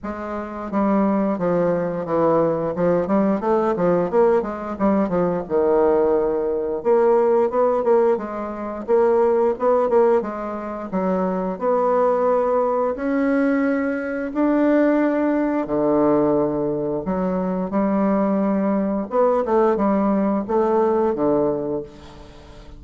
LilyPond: \new Staff \with { instrumentName = "bassoon" } { \time 4/4 \tempo 4 = 88 gis4 g4 f4 e4 | f8 g8 a8 f8 ais8 gis8 g8 f8 | dis2 ais4 b8 ais8 | gis4 ais4 b8 ais8 gis4 |
fis4 b2 cis'4~ | cis'4 d'2 d4~ | d4 fis4 g2 | b8 a8 g4 a4 d4 | }